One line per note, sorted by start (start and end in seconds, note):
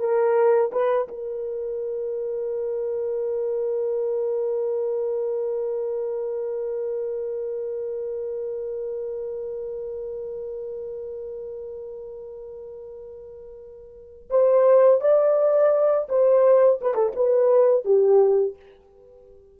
0.00 0.71 A#4
0.72 1.08 B4
1.08 14.30 A#4
14.30 15.01 C5
15.01 16.08 D5
16.09 16.81 C5
16.81 16.95 B4
16.95 17.13 A4
17.16 17.85 B4
17.85 18.56 G4